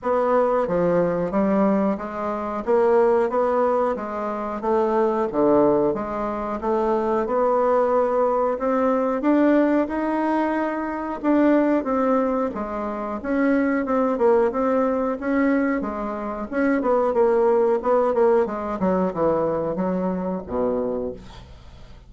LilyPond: \new Staff \with { instrumentName = "bassoon" } { \time 4/4 \tempo 4 = 91 b4 f4 g4 gis4 | ais4 b4 gis4 a4 | d4 gis4 a4 b4~ | b4 c'4 d'4 dis'4~ |
dis'4 d'4 c'4 gis4 | cis'4 c'8 ais8 c'4 cis'4 | gis4 cis'8 b8 ais4 b8 ais8 | gis8 fis8 e4 fis4 b,4 | }